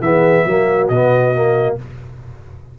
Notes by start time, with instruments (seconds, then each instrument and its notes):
0.00 tuba E3, trombone B3, horn G#4, trumpet E5
0.45 tuba F#3, trombone A#3, horn F#4
0.88 tuba B2, trombone B3, trumpet D#5
1.34 trombone A#3